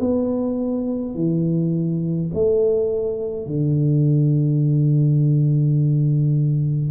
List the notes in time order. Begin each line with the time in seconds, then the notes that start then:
0.00 B3
1.15 E3
2.34 A3
3.46 D3